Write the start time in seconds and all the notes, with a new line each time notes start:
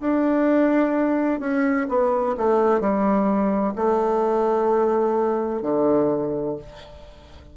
0.00 D4
1.40 C#4
1.88 B3
2.37 A3
2.80 G3
3.75 A3
5.62 D3